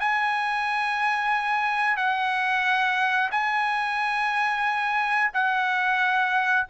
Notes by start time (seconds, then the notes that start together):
0.00 G#5
1.97 F#5
3.32 G#5
5.34 F#5